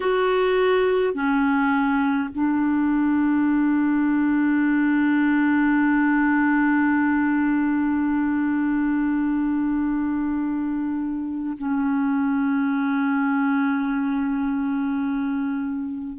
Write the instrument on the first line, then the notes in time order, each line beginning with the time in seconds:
clarinet
0.00 F#4
1.13 C#4
2.34 D4
11.58 C#4